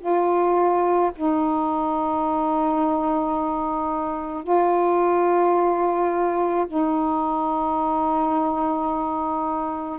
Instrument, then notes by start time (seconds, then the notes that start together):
saxophone
0.00 F4
1.15 D#4
4.43 F4
6.68 D#4